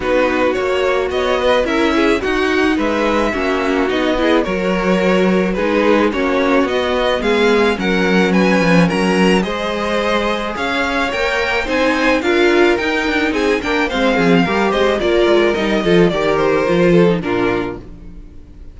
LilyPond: <<
  \new Staff \with { instrumentName = "violin" } { \time 4/4 \tempo 4 = 108 b'4 cis''4 dis''4 e''4 | fis''4 e''2 dis''4 | cis''2 b'4 cis''4 | dis''4 f''4 fis''4 gis''4 |
ais''4 dis''2 f''4 | g''4 gis''4 f''4 g''4 | gis''8 g''8 f''4. dis''8 d''4 | dis''4 d''8 c''4. ais'4 | }
  \new Staff \with { instrumentName = "violin" } { \time 4/4 fis'2 cis''8 b'8 ais'8 gis'8 | fis'4 b'4 fis'4. gis'8 | ais'2 gis'4 fis'4~ | fis'4 gis'4 ais'4 b'4 |
ais'4 c''2 cis''4~ | cis''4 c''4 ais'2 | gis'8 ais'8 c''8 gis'8 ais'8 c''8 ais'4~ | ais'8 a'8 ais'4. a'8 f'4 | }
  \new Staff \with { instrumentName = "viola" } { \time 4/4 dis'4 fis'2 e'4 | dis'2 cis'4 dis'8 e'8 | fis'2 dis'4 cis'4 | b2 cis'2~ |
cis'4 gis'2. | ais'4 dis'4 f'4 dis'4~ | dis'8 d'8 c'4 g'4 f'4 | dis'8 f'8 g'4 f'8. dis'16 d'4 | }
  \new Staff \with { instrumentName = "cello" } { \time 4/4 b4 ais4 b4 cis'4 | dis'4 gis4 ais4 b4 | fis2 gis4 ais4 | b4 gis4 fis4. f8 |
fis4 gis2 cis'4 | ais4 c'4 d'4 dis'8 d'8 | c'8 ais8 gis8 f8 g8 gis8 ais8 gis8 | g8 f8 dis4 f4 ais,4 | }
>>